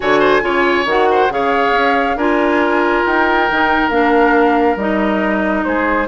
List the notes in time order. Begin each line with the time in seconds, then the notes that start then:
0.00 D3 F#4 C#5 G#5
0.19 C5
0.41 C#3 F4 C#5
0.85 D#3 F#4 F#5
1.10 C5
1.29 C#3 G#4 C#5 F5
1.72 C#4
2.16 D4 F4 A#4 G#5
3.05 D#4 G5
3.50 D#3 D#4
3.89 A#3 D4 F5
4.76 G3 D#4 D#5
5.64 G#3 G#4 C5